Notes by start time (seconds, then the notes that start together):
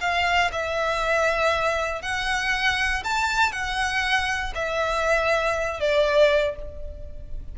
0.00 F5
0.52 E5
2.02 F#5
3.04 A5
3.52 F#5
4.54 E5
5.80 D5